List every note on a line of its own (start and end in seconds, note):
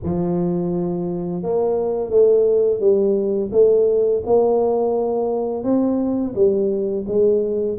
0.03 1.42 F3
1.42 2.10 A#3
2.10 2.80 A3
2.80 3.50 G3
3.52 4.22 A3
4.25 5.63 A#3
5.63 6.34 C4
6.35 7.05 G3
7.07 7.78 G#3